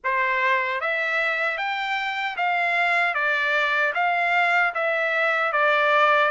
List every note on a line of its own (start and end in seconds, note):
0.04 0.81 C5
0.81 1.57 E5
1.57 2.36 G5
2.36 3.14 F5
3.14 3.93 D5
3.94 4.73 F5
4.74 5.52 E5
5.52 6.31 D5